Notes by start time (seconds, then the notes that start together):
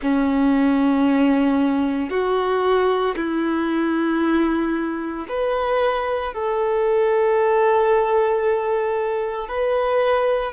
0.02 C#4
2.10 F#4
3.16 E4
5.28 B4
6.33 A4
9.48 B4